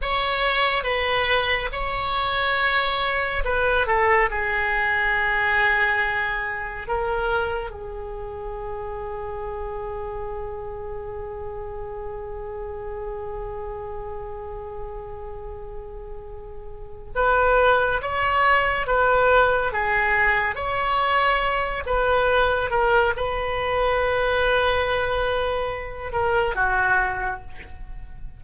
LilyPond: \new Staff \with { instrumentName = "oboe" } { \time 4/4 \tempo 4 = 70 cis''4 b'4 cis''2 | b'8 a'8 gis'2. | ais'4 gis'2.~ | gis'1~ |
gis'1 | b'4 cis''4 b'4 gis'4 | cis''4. b'4 ais'8 b'4~ | b'2~ b'8 ais'8 fis'4 | }